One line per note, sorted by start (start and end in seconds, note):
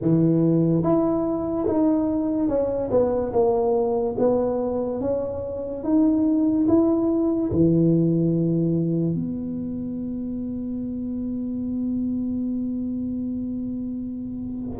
0.01 0.83 E3
0.83 1.66 E4
1.67 2.48 D#4
2.48 2.90 C#4
2.90 3.32 B3
3.33 4.16 A#3
4.18 5.00 B3
5.00 5.83 C#4
5.83 6.67 D#4
6.67 7.51 E4
7.51 9.14 E3
9.14 14.77 B3